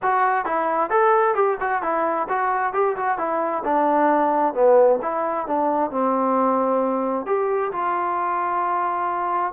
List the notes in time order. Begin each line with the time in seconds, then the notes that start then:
0.02 F#4
0.45 E4
0.90 A4
1.34 G4
1.60 F#4
1.82 E4
2.28 F#4
2.73 G4
2.96 F#4
3.18 E4
3.64 D4
4.54 B3
5.01 E4
5.46 D4
5.90 C4
7.26 G4
7.72 F4